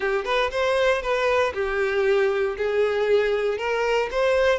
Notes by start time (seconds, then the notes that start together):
0.00 G4
0.24 B4
0.51 C5
1.02 B4
1.53 G4
2.57 G#4
3.58 A#4
4.11 C5